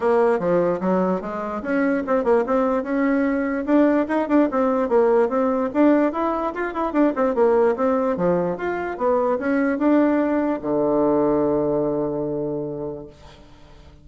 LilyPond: \new Staff \with { instrumentName = "bassoon" } { \time 4/4 \tempo 4 = 147 ais4 f4 fis4 gis4 | cis'4 c'8 ais8 c'4 cis'4~ | cis'4 d'4 dis'8 d'8 c'4 | ais4 c'4 d'4 e'4 |
f'8 e'8 d'8 c'8 ais4 c'4 | f4 f'4 b4 cis'4 | d'2 d2~ | d1 | }